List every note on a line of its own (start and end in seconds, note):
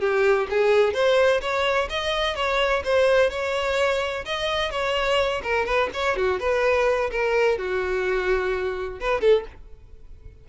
0.00 0.47 G4
0.50 0.93 G#4
0.93 1.41 C5
1.41 1.88 C#5
1.89 2.35 D#5
2.35 2.83 C#5
2.84 3.30 C5
3.30 4.24 C#5
4.25 4.71 D#5
4.71 5.42 C#5
5.43 5.66 A#4
5.66 5.89 B4
5.93 6.16 C#5
6.16 6.39 F#4
6.39 7.10 B4
7.10 7.58 A#4
7.58 8.99 F#4
9.00 9.20 B4
9.20 9.44 A4